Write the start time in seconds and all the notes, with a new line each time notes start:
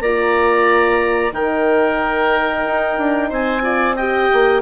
0.00 A#3 F4 D5 A#5
1.32 D#3 D#4 A#4 G5
2.66 D#4
2.98 D4
3.29 C4 C5 G#5
3.62 F4 D5
3.96 G4 D#5 G5
4.33 A#3